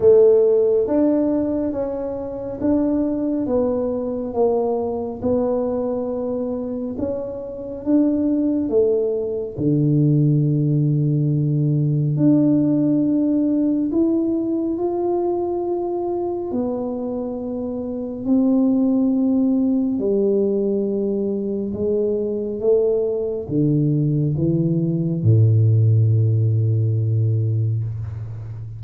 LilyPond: \new Staff \with { instrumentName = "tuba" } { \time 4/4 \tempo 4 = 69 a4 d'4 cis'4 d'4 | b4 ais4 b2 | cis'4 d'4 a4 d4~ | d2 d'2 |
e'4 f'2 b4~ | b4 c'2 g4~ | g4 gis4 a4 d4 | e4 a,2. | }